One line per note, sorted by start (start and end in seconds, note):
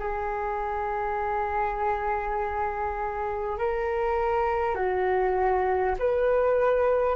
0.00 3.59 G#4
3.59 4.76 A#4
4.76 5.96 F#4
5.99 7.16 B4